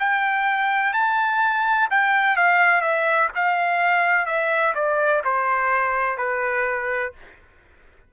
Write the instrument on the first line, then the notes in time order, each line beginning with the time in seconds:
trumpet
0.00 G5
0.93 A5
1.91 G5
2.36 F5
2.81 E5
3.35 F5
4.26 E5
4.75 D5
5.24 C5
6.18 B4